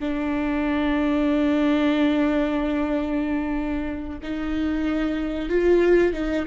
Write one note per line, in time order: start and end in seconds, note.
0.00 4.19 D4
4.23 5.50 D#4
5.50 6.14 F4
6.14 6.46 D#4